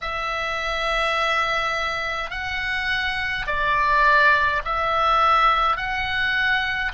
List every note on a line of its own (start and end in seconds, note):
0.01 2.30 E5
2.30 3.46 F#5
3.46 4.62 D5
4.65 5.76 E5
5.76 6.92 F#5